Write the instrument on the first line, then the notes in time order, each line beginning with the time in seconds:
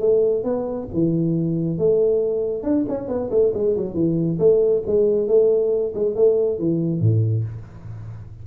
tuba
0.00 A3
0.44 B3
0.94 E3
1.78 A3
2.63 D4
2.89 C#4
3.08 B3
3.31 A3
3.54 G#3
3.77 F#3
3.94 E3
4.39 A3
4.87 G#3
5.28 A3
5.95 G#3
6.15 A3
6.59 E3
7.01 A2